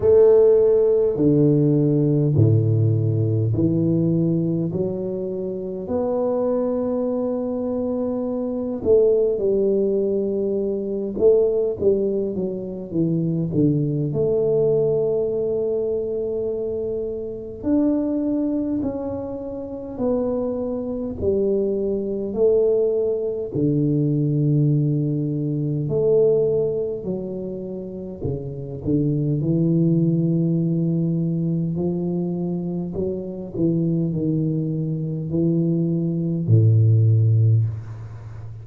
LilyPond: \new Staff \with { instrumentName = "tuba" } { \time 4/4 \tempo 4 = 51 a4 d4 a,4 e4 | fis4 b2~ b8 a8 | g4. a8 g8 fis8 e8 d8 | a2. d'4 |
cis'4 b4 g4 a4 | d2 a4 fis4 | cis8 d8 e2 f4 | fis8 e8 dis4 e4 a,4 | }